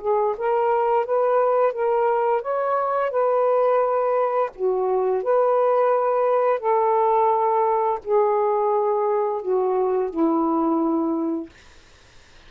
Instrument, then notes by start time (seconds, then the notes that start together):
saxophone
0.00 G#4
0.37 A#4
1.05 B4
1.72 A#4
2.42 C#5
3.10 B4
4.55 F#4
5.23 B4
6.59 A4
8.04 G#4
9.42 F#4
10.09 E4